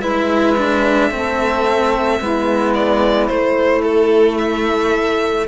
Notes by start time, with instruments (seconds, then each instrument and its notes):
0.00 cello G#3 E4, saxophone B4, violin E5
0.57 cello D4
1.10 cello A3 C4, saxophone A4
2.19 cello G#3 B3, saxophone E4
2.74 violin D5
3.27 cello A3, violin C5
3.83 violin A4
4.37 violin E5